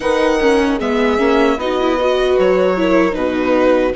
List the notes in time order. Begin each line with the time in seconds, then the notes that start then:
0.00 D#3 D#4 B4 F#5
0.40 C#4 A#4
0.76 G#3 B3 G#4 E5
1.17 A#3 C#4
1.57 B3 D#4 F#4 D#5
1.80 E4
1.96 F#4 B4
2.38 F#3 C#5
2.76 E4 A#4
3.11 B2 D#4 B4
3.18 F#4